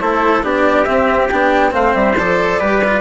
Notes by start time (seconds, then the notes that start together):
0.00 A3 E4 A4 C5
0.43 B3 D4 G4 D5
0.85 C4 E5
1.29 B3 D4 G5
1.71 A3 C4 C5 F5
1.94 G3 E5
2.17 F3 A4 D5
2.60 G3 G4 B4
2.84 F4